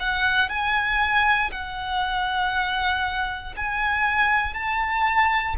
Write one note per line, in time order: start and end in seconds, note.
0.00 0.49 F#5
0.49 1.51 G#5
1.52 3.55 F#5
3.57 4.54 G#5
4.54 5.56 A5